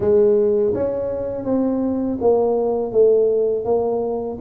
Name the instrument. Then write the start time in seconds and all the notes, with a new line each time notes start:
tuba
0.00 G#3
0.74 C#4
1.45 C4
2.21 A#3
2.91 A3
3.64 A#3